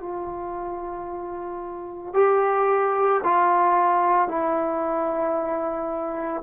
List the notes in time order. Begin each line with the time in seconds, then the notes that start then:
0.00 F4
2.14 G4
3.24 F4
4.28 E4